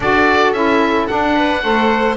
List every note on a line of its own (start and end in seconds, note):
0.00 0.53 D4
0.00 0.54 F#4
0.00 1.35 A4
0.00 0.52 D5
0.52 1.07 C#4
0.52 1.07 E4
0.52 1.06 E5
1.07 1.62 D4
1.07 1.63 D4
1.07 2.16 F#5
1.35 1.62 B4
1.62 2.17 A3
1.62 2.17 A4
1.62 2.17 C5